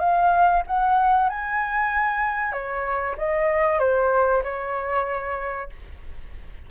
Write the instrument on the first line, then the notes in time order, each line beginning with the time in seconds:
flute
0.00 F5
0.67 F#5
1.30 G#5
2.53 C#5
3.18 D#5
3.80 C5
4.44 C#5